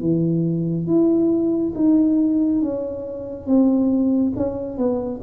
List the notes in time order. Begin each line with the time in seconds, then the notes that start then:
0.00 E3
0.86 E4
1.75 D#4
2.62 C#4
3.46 C4
4.36 C#4
4.77 B3